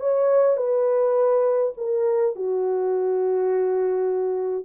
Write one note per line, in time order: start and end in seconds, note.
0.00 0.57 C#5
0.57 1.73 B4
1.77 2.35 A#4
2.36 4.65 F#4